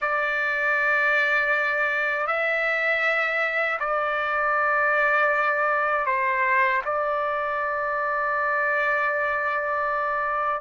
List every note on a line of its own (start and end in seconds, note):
0.01 2.26 D5
2.26 3.78 E5
3.79 6.06 D5
6.06 6.81 C5
6.85 10.61 D5